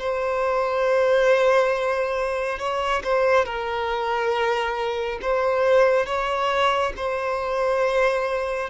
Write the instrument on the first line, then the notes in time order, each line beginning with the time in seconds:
violin
0.00 C5
2.59 C#5
3.04 C5
3.46 A#4
5.22 C5
6.07 C#5
6.97 C5